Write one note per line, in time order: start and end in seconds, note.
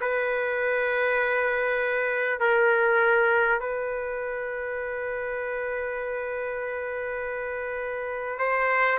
0.00 2.39 B4
2.39 3.59 A#4
3.60 8.38 B4
8.38 8.98 C5